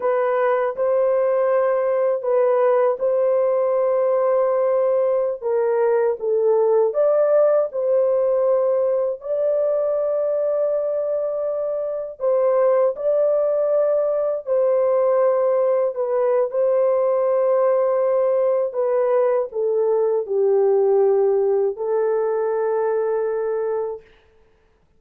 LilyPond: \new Staff \with { instrumentName = "horn" } { \time 4/4 \tempo 4 = 80 b'4 c''2 b'4 | c''2.~ c''16 ais'8.~ | ais'16 a'4 d''4 c''4.~ c''16~ | c''16 d''2.~ d''8.~ |
d''16 c''4 d''2 c''8.~ | c''4~ c''16 b'8. c''2~ | c''4 b'4 a'4 g'4~ | g'4 a'2. | }